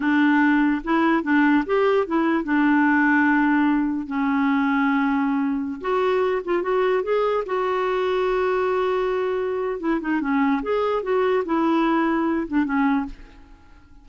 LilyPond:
\new Staff \with { instrumentName = "clarinet" } { \time 4/4 \tempo 4 = 147 d'2 e'4 d'4 | g'4 e'4 d'2~ | d'2 cis'2~ | cis'2~ cis'16 fis'4. f'16~ |
f'16 fis'4 gis'4 fis'4.~ fis'16~ | fis'1 | e'8 dis'8 cis'4 gis'4 fis'4 | e'2~ e'8 d'8 cis'4 | }